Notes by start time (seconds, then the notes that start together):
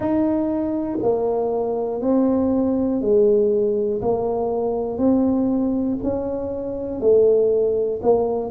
0.00 D#4
1.02 A#3
2.00 C4
3.00 G#3
4.01 A#3
4.98 C4
6.03 C#4
7.00 A3
8.02 A#3